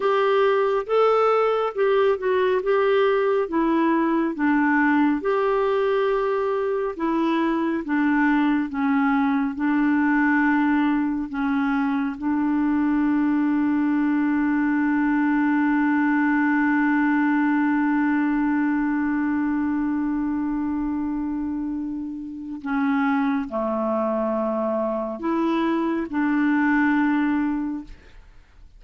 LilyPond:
\new Staff \with { instrumentName = "clarinet" } { \time 4/4 \tempo 4 = 69 g'4 a'4 g'8 fis'8 g'4 | e'4 d'4 g'2 | e'4 d'4 cis'4 d'4~ | d'4 cis'4 d'2~ |
d'1~ | d'1~ | d'2 cis'4 a4~ | a4 e'4 d'2 | }